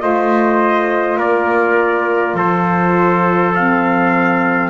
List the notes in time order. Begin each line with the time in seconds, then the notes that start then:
0.00 A3 F4 C5 D#5
1.17 A#3 A#4 D5
2.34 F3 A4 C5
3.55 C4 F5